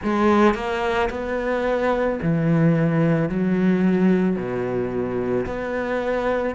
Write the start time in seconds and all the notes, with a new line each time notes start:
0.03 G#3
0.54 A#3
1.10 B3
2.22 E3
3.29 F#3
4.36 B2
5.45 B3